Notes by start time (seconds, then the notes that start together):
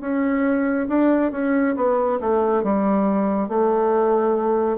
0.00 C#4
0.88 D4
1.31 C#4
1.75 B3
2.20 A3
2.63 G3
3.48 A3